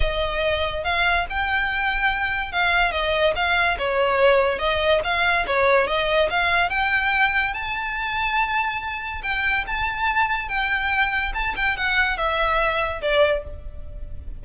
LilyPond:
\new Staff \with { instrumentName = "violin" } { \time 4/4 \tempo 4 = 143 dis''2 f''4 g''4~ | g''2 f''4 dis''4 | f''4 cis''2 dis''4 | f''4 cis''4 dis''4 f''4 |
g''2 a''2~ | a''2 g''4 a''4~ | a''4 g''2 a''8 g''8 | fis''4 e''2 d''4 | }